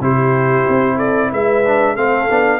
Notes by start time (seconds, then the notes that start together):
0.00 C3 E4 G4 C5
0.68 C4
0.96 A4 D5
1.32 G#3 B4 E5
1.65 D4
1.94 A3 C4 A4 F5
2.29 B3 D4